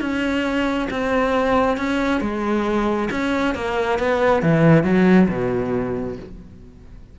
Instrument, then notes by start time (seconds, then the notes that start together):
cello
0.00 C#4
0.90 C4
1.77 C#4
2.21 G#3
3.10 C#4
3.54 A#3
3.98 B3
4.42 E3
4.83 F#3
5.28 B2